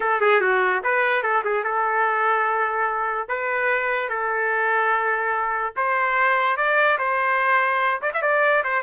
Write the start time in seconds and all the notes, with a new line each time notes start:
0.00 A4
0.20 G#4
0.41 F#4
0.83 B4
1.22 A4
1.44 G#4
1.64 A4
3.28 B4
4.09 A4
5.76 C5
6.56 D5
6.98 C5
8.01 D5
8.13 E5
8.22 D5
8.64 C5